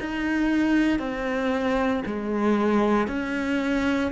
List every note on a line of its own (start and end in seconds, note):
0.00 0.99 D#4
0.99 2.02 C4
2.05 3.08 G#3
3.08 4.11 C#4